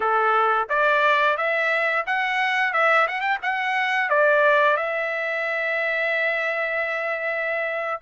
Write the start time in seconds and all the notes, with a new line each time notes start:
0.00 A4
0.69 D5
1.37 E5
2.06 F#5
2.73 E5
3.07 F#5
3.20 G5
3.42 F#5
4.09 D5
4.76 E5